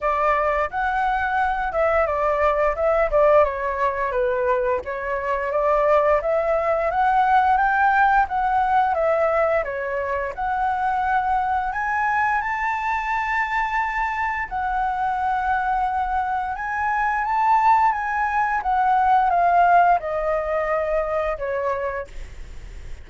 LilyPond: \new Staff \with { instrumentName = "flute" } { \time 4/4 \tempo 4 = 87 d''4 fis''4. e''8 d''4 | e''8 d''8 cis''4 b'4 cis''4 | d''4 e''4 fis''4 g''4 | fis''4 e''4 cis''4 fis''4~ |
fis''4 gis''4 a''2~ | a''4 fis''2. | gis''4 a''4 gis''4 fis''4 | f''4 dis''2 cis''4 | }